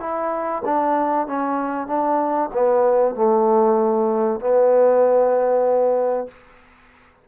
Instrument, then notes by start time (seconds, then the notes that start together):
trombone
0.00 E4
0.65 D4
1.27 C#4
1.87 D4
2.53 B3
3.15 A3
4.40 B3